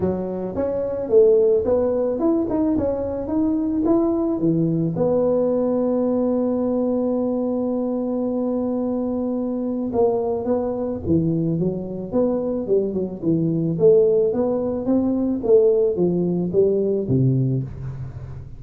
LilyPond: \new Staff \with { instrumentName = "tuba" } { \time 4/4 \tempo 4 = 109 fis4 cis'4 a4 b4 | e'8 dis'8 cis'4 dis'4 e'4 | e4 b2.~ | b1~ |
b2 ais4 b4 | e4 fis4 b4 g8 fis8 | e4 a4 b4 c'4 | a4 f4 g4 c4 | }